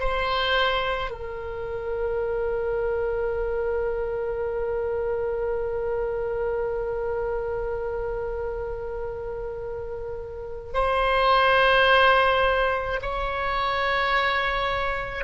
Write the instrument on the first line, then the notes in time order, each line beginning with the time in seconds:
oboe
0.00 C5
1.11 A#4
10.74 C5
13.02 C#5